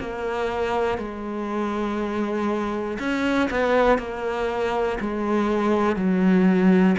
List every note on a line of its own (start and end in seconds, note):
0.00 0.99 A#3
0.99 2.99 G#3
2.99 3.49 C#4
3.51 3.99 B3
3.99 4.99 A#3
5.01 5.96 G#3
5.96 6.96 F#3